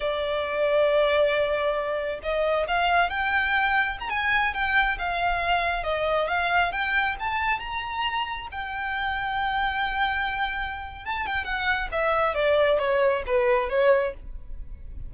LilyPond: \new Staff \with { instrumentName = "violin" } { \time 4/4 \tempo 4 = 136 d''1~ | d''4 dis''4 f''4 g''4~ | g''4 ais''16 gis''4 g''4 f''8.~ | f''4~ f''16 dis''4 f''4 g''8.~ |
g''16 a''4 ais''2 g''8.~ | g''1~ | g''4 a''8 g''8 fis''4 e''4 | d''4 cis''4 b'4 cis''4 | }